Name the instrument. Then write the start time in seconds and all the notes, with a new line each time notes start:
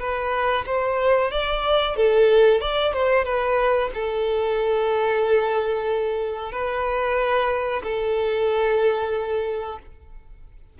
violin
0.00 B4
0.66 C5
1.32 D5
1.97 A4
2.61 D5
2.93 C5
3.25 B4
3.95 A4
6.52 B4
7.84 A4